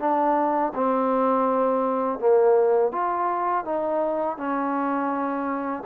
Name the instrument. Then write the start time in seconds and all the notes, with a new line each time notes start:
trombone
0.00 D4
0.75 C4
2.20 A#3
2.93 F4
3.65 D#4
4.37 C#4